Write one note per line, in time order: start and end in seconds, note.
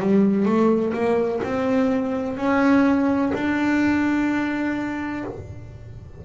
0.00 0.45 G3
0.45 0.93 A3
0.94 1.41 A#3
1.44 2.37 C4
2.37 3.32 C#4
3.34 5.25 D4